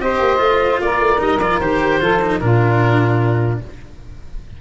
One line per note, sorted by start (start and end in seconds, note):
0.00 0.20 C4
0.00 0.37 G4
0.00 0.83 C5
0.00 0.80 D#5
0.20 0.39 A#3
0.37 0.79 A3
0.37 1.17 F4
0.81 0.99 A#3
0.81 2.01 A#4
0.81 1.21 D5
0.99 1.19 A3
1.18 1.39 G3
1.18 1.38 D#4
1.18 1.40 D#5
1.39 1.59 F3
1.39 1.62 F4
1.39 1.60 D5
1.60 2.01 D#3
1.60 2.01 G4
1.60 2.40 C5
2.01 2.41 F3
2.01 2.21 F4
2.01 2.41 A4
2.22 2.41 D#4
2.40 3.61 A#2
2.40 3.61 D4
2.40 3.61 F4
2.40 3.60 A#4